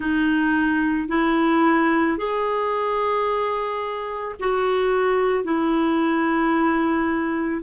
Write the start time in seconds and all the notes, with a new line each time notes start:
0.00 D#4
1.08 E4
2.17 G#4
4.39 F#4
5.43 E4